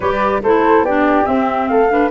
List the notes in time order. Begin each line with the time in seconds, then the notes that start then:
0.00 G3 G4 B4 D5
0.43 A3 E4 A4 C5
0.82 B3 D4 G4 D5
1.24 C4 E5
1.68 A3 A4 F5
1.89 D4 B4